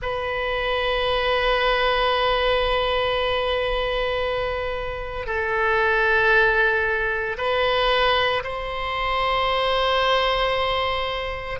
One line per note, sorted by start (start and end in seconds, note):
0.01 5.26 B4
5.26 7.36 A4
7.37 8.43 B4
8.43 11.59 C5